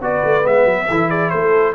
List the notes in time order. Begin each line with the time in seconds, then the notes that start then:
0.00 B3 F#4 B4 D5
0.24 A3
0.43 G#3 B3 E5
0.65 F#3
0.89 E3 E4 A4
1.09 G#4 D5
1.30 A3 A4 C5